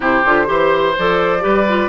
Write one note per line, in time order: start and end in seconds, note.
0.00 0.23 C3
0.00 0.24 E4
0.00 0.46 G4
0.00 0.98 C5
0.25 0.48 D3
0.25 0.46 F4
0.46 0.95 E3
0.46 0.93 G4
0.46 1.43 C5
0.98 1.44 F3
0.98 1.40 A4
0.98 1.88 D5
1.40 1.88 G3
1.40 1.63 G4
1.40 1.88 B4
1.68 1.88 F4